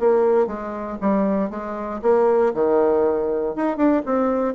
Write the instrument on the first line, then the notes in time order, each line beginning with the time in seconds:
bassoon
0.00 A#3
0.47 G#3
1.01 G3
1.50 G#3
2.03 A#3
2.55 D#3
3.56 D#4
3.77 D4
4.06 C4